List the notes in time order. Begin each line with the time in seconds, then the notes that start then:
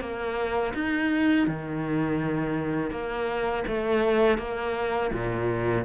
0.00 A#3
0.74 D#4
1.47 D#3
2.91 A#3
3.67 A3
4.38 A#3
5.13 A#2